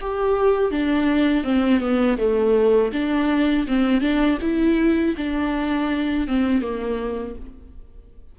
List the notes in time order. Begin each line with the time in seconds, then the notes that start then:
0.00 G4
0.71 D4
1.43 C4
1.80 B3
2.17 A3
2.92 D4
3.67 C4
4.01 D4
4.41 E4
5.17 D4
6.27 C4
6.61 A#3